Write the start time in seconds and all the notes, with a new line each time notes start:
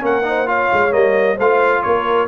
0.00 A#3 C#4 A#4 F#5
0.24 D#4 C5
0.46 F4 C#5 F5
0.73 G#3
0.91 G3 A#3 D#5
1.36 A3 F4 C5 F5
1.82 A#3 A#4 C#5